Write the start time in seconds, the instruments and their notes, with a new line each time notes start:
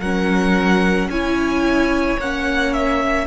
0.00 cello F#3, viola C#4, violin A#4 F#5
1.08 cello C#4, viola E4, violin C#5 G#5
2.19 cello A#3, viola C#4, violin F#5
2.74 violin E5